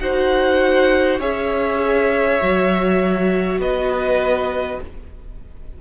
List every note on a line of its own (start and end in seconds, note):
0.00 1.20 D#4
0.00 1.20 F#4
0.00 1.20 C5
0.00 1.21 F#5
1.20 2.40 C#4
1.20 2.40 G#4
1.20 3.60 C#5
1.20 3.61 E5
2.41 3.59 F#3
2.41 4.81 F#4
3.59 4.79 B3
3.59 4.81 B4
3.59 4.81 D#5